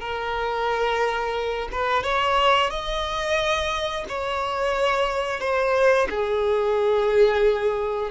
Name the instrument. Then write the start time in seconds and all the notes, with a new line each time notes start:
violin
0.00 A#4
1.72 B4
2.03 C#5
2.70 D#5
4.08 C#5
5.40 C5
6.10 G#4